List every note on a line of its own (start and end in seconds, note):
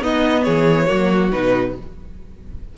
0.00 0.86 B3
0.00 0.46 B3
0.00 0.44 D#4
0.00 0.42 D#5
0.42 0.89 E3
0.42 0.86 G#4
0.42 1.29 C#5
0.86 1.33 F#3
0.86 1.30 A#3
0.86 1.72 F#4
1.31 1.77 B2
1.31 1.75 D#4
1.31 1.74 B4